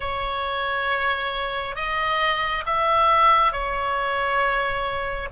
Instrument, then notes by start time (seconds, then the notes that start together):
oboe
0.00 C#5
1.75 D#5
2.66 E5
3.52 C#5